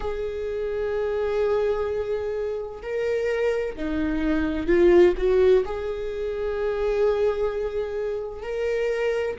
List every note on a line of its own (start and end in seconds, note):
0.00 2.81 G#4
2.82 3.76 A#4
3.76 4.67 D#4
4.67 5.13 F4
5.17 5.64 F#4
5.65 8.42 G#4
8.42 9.36 A#4